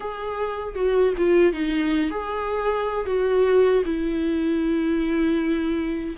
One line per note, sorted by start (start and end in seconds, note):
0.00 0.75 G#4
0.75 1.13 F#4
1.17 1.52 F4
1.52 2.10 D#4
2.10 3.06 G#4
3.06 3.83 F#4
3.85 6.16 E4